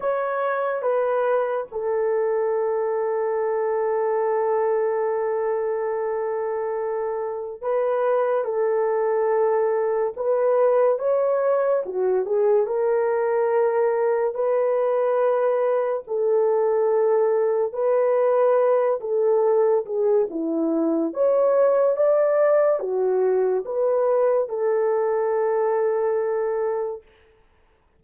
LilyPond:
\new Staff \with { instrumentName = "horn" } { \time 4/4 \tempo 4 = 71 cis''4 b'4 a'2~ | a'1~ | a'4 b'4 a'2 | b'4 cis''4 fis'8 gis'8 ais'4~ |
ais'4 b'2 a'4~ | a'4 b'4. a'4 gis'8 | e'4 cis''4 d''4 fis'4 | b'4 a'2. | }